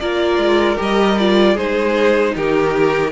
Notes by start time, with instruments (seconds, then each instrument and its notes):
0.00 cello A#3, viola F4, violin A#4 D5
0.38 cello G#3
0.77 cello G3, viola G4, violin D#5
1.19 viola F4, violin D5
1.54 cello G#3, viola D#4, violin G#4 C5
2.36 cello D#3, violin G4 A#4